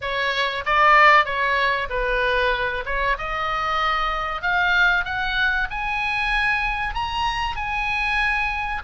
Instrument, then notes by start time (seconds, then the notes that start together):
oboe
0.01 C#5
0.65 D5
1.25 C#5
1.89 B4
2.85 C#5
3.18 D#5
4.42 F5
5.04 F#5
5.70 G#5
6.94 A#5
7.56 G#5